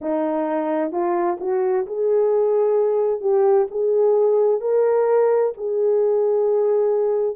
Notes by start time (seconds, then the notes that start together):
0.01 D#4
0.91 F4
1.39 F#4
1.86 G#4
3.21 G4
3.70 G#4
4.61 A#4
5.57 G#4